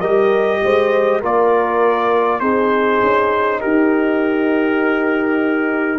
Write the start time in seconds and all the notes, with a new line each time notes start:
0.00 G3 G4 A#4 D#5
0.64 G#3 C5
1.21 A#3 F4 A#4 D5
2.40 C4 D#4 G#4 C5
3.02 C#4
3.60 D#4 G4 A#4